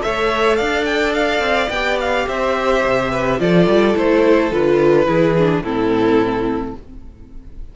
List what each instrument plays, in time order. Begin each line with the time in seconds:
0.00 cello A3, viola A4, violin C#5 E5
0.56 cello D4, violin D5 F5
0.85 violin G5
1.14 violin F5
1.39 cello C4
1.69 cello B3, viola G4, violin G5
2.00 violin F5
2.28 cello C4, violin C5 E5
2.85 cello C3
3.11 violin B4
3.39 cello F3, viola F4, violin A4 D5
3.67 cello G3
3.94 cello A3, viola E4, violin C5
4.51 cello D3, viola F4, violin B4
5.06 cello E3, viola E4, violin G#4
5.39 viola D4
5.61 cello A2, viola C4, violin E4 A4